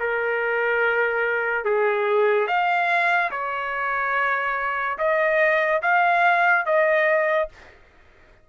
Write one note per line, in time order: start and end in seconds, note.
0.00 1.65 A#4
1.65 2.47 G#4
2.47 3.31 F5
3.31 4.98 C#5
4.98 5.81 D#5
5.82 6.66 F5
6.66 7.49 D#5